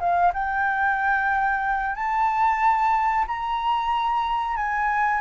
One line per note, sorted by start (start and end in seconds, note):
0.00 0.33 F5
0.33 1.96 G5
1.96 3.26 A5
3.28 4.57 A#5
4.57 5.21 G#5